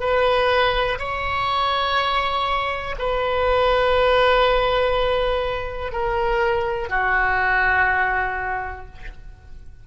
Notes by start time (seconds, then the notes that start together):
0.00 B4
0.99 C#5
2.98 B4
5.92 A#4
6.89 F#4